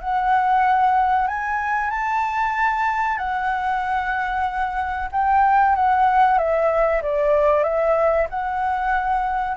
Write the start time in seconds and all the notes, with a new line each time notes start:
0.00 F#5
1.27 G#5
1.90 A5
3.17 F#5
5.12 G5
5.75 F#5
6.38 E5
7.02 D5
7.63 E5
8.30 F#5